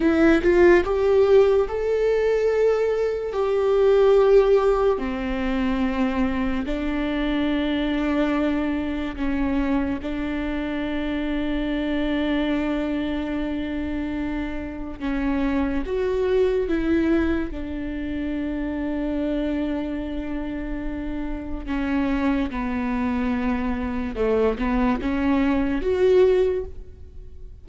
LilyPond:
\new Staff \with { instrumentName = "viola" } { \time 4/4 \tempo 4 = 72 e'8 f'8 g'4 a'2 | g'2 c'2 | d'2. cis'4 | d'1~ |
d'2 cis'4 fis'4 | e'4 d'2.~ | d'2 cis'4 b4~ | b4 a8 b8 cis'4 fis'4 | }